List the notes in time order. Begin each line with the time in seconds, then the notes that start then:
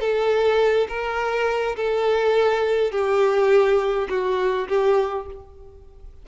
0.00 A4
0.88 A#4
1.76 A4
2.91 G4
4.09 F#4
4.68 G4